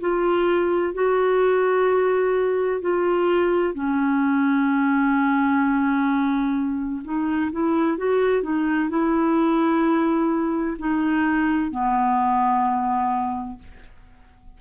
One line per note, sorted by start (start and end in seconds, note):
0.00 0.94 F4
0.94 2.81 F#4
2.81 3.74 F4
3.74 7.02 C#4
7.04 7.51 D#4
7.52 7.97 E4
7.97 8.42 F#4
8.42 8.89 D#4
8.89 10.77 E4
10.79 11.71 D#4
11.71 13.59 B3